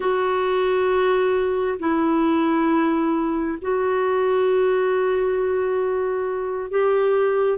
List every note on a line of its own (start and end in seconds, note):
0.00 1.78 F#4
1.79 3.58 E4
3.61 6.70 F#4
6.70 7.58 G4